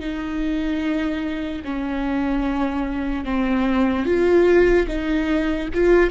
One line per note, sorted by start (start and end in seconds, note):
0.00 1.62 D#4
1.64 3.25 C#4
3.25 4.06 C4
4.06 4.87 F4
4.88 5.69 D#4
5.74 6.11 F4